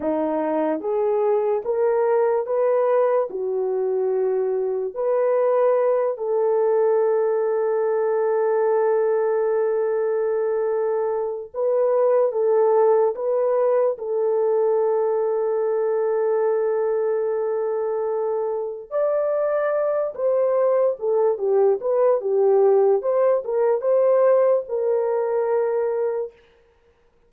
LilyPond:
\new Staff \with { instrumentName = "horn" } { \time 4/4 \tempo 4 = 73 dis'4 gis'4 ais'4 b'4 | fis'2 b'4. a'8~ | a'1~ | a'2 b'4 a'4 |
b'4 a'2.~ | a'2. d''4~ | d''8 c''4 a'8 g'8 b'8 g'4 | c''8 ais'8 c''4 ais'2 | }